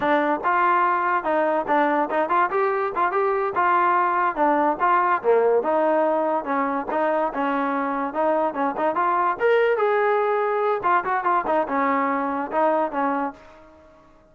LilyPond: \new Staff \with { instrumentName = "trombone" } { \time 4/4 \tempo 4 = 144 d'4 f'2 dis'4 | d'4 dis'8 f'8 g'4 f'8 g'8~ | g'8 f'2 d'4 f'8~ | f'8 ais4 dis'2 cis'8~ |
cis'8 dis'4 cis'2 dis'8~ | dis'8 cis'8 dis'8 f'4 ais'4 gis'8~ | gis'2 f'8 fis'8 f'8 dis'8 | cis'2 dis'4 cis'4 | }